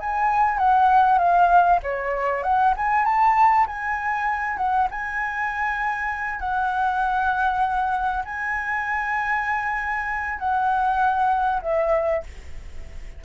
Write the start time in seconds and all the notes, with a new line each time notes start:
0.00 G#5
0.58 F#5
1.18 F5
1.83 C#5
2.43 F#5
2.76 G#5
3.05 A5
3.67 G#5
4.57 F#5
4.91 G#5
6.40 F#5
8.25 G#5
10.39 F#5
11.62 E5